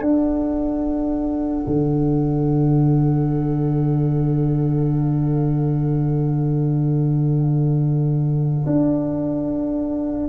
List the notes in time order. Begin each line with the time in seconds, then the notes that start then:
0.00 D4 A4 F#5
1.66 D3
8.66 D4